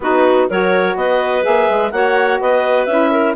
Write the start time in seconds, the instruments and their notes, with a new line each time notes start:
0.00 bassoon B3, saxophone D#4, clarinet F#4 B4
0.48 bassoon F#3, saxophone F#4, clarinet A#4 C#5
0.95 bassoon B3, clarinet B4 D#5
1.42 bassoon A#3, saxophone G#4, clarinet E5
1.69 bassoon G#3
1.91 bassoon A#3, saxophone F#4, clarinet C#5 F#5
2.40 bassoon B3, clarinet B4 D#5
2.85 bassoon C#4, saxophone E4, clarinet E5
3.11 clarinet A#4